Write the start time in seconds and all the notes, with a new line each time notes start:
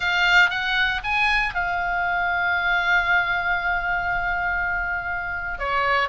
0.00 F5
0.50 F#5
1.03 G#5
1.54 F5
5.58 C#5